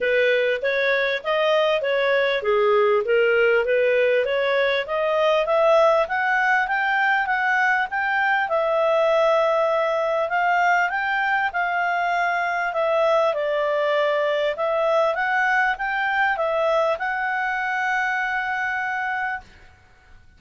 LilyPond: \new Staff \with { instrumentName = "clarinet" } { \time 4/4 \tempo 4 = 99 b'4 cis''4 dis''4 cis''4 | gis'4 ais'4 b'4 cis''4 | dis''4 e''4 fis''4 g''4 | fis''4 g''4 e''2~ |
e''4 f''4 g''4 f''4~ | f''4 e''4 d''2 | e''4 fis''4 g''4 e''4 | fis''1 | }